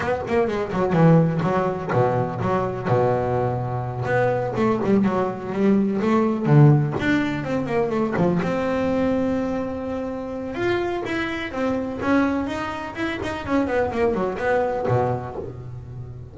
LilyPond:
\new Staff \with { instrumentName = "double bass" } { \time 4/4 \tempo 4 = 125 b8 ais8 gis8 fis8 e4 fis4 | b,4 fis4 b,2~ | b,8 b4 a8 g8 fis4 g8~ | g8 a4 d4 d'4 c'8 |
ais8 a8 f8 c'2~ c'8~ | c'2 f'4 e'4 | c'4 cis'4 dis'4 e'8 dis'8 | cis'8 b8 ais8 fis8 b4 b,4 | }